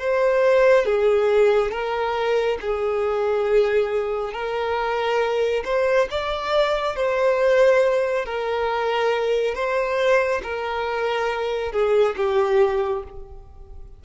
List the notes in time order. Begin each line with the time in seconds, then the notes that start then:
0.00 C5
0.86 G#4
1.72 A#4
2.61 G#4
4.33 A#4
5.65 C5
6.11 D5
6.96 C5
8.26 A#4
9.55 C5
10.43 A#4
11.72 G#4
12.17 G4